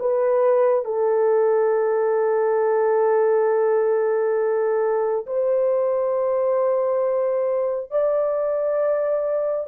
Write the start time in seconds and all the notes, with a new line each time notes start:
0.00 B4
0.85 A4
5.27 C5
7.91 D5